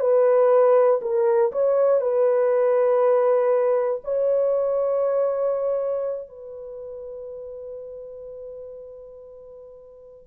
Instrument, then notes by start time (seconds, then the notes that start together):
horn
0.00 B4
1.02 A#4
1.52 C#5
2.01 B4
4.04 C#5
6.29 B4